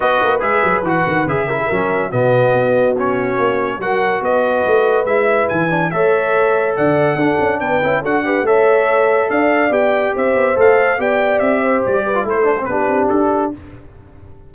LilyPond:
<<
  \new Staff \with { instrumentName = "trumpet" } { \time 4/4 \tempo 4 = 142 dis''4 e''4 fis''4 e''4~ | e''4 dis''2 cis''4~ | cis''4 fis''4 dis''2 | e''4 gis''4 e''2 |
fis''2 g''4 fis''4 | e''2 f''4 g''4 | e''4 f''4 g''4 e''4 | d''4 c''4 b'4 a'4 | }
  \new Staff \with { instrumentName = "horn" } { \time 4/4 b'2.~ b'8 ais'16 gis'16 | ais'4 fis'2.~ | fis'4 ais'4 b'2~ | b'2 cis''2 |
d''4 a'4 b'4 a'8 b'8 | cis''2 d''2 | c''2 d''4. c''8~ | c''8 b'8 a'4 g'2 | }
  \new Staff \with { instrumentName = "trombone" } { \time 4/4 fis'4 gis'4 fis'4 gis'8 e'8 | cis'4 b2 cis'4~ | cis'4 fis'2. | e'4. d'8 a'2~ |
a'4 d'4. e'8 fis'8 g'8 | a'2. g'4~ | g'4 a'4 g'2~ | g'8. f'16 e'8 d'16 c'16 d'2 | }
  \new Staff \with { instrumentName = "tuba" } { \time 4/4 b8 ais8 gis8 fis8 e8 dis8 cis4 | fis4 b,4 b2 | ais4 fis4 b4 a4 | gis4 e4 a2 |
d4 d'8 cis'8 b8 cis'8 d'4 | a2 d'4 b4 | c'8 b8 a4 b4 c'4 | g4 a4 b8 c'8 d'4 | }
>>